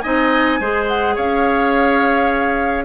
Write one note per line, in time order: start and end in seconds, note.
0.00 0.61 D#4
0.00 0.60 D#5
0.00 0.85 G#5
0.06 0.61 C4
0.61 1.17 G#3
0.61 2.85 G#4
0.61 1.16 C5
0.88 1.16 F#5
1.16 2.85 C#4
1.16 2.85 C#5
1.16 2.85 F5